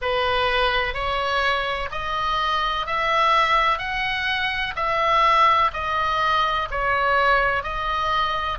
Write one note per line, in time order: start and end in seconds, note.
0.01 0.94 B4
0.94 1.89 C#5
1.91 2.86 D#5
2.86 3.78 E5
3.78 4.74 F#5
4.76 5.71 E5
5.73 6.68 D#5
6.70 7.63 C#5
7.63 8.58 D#5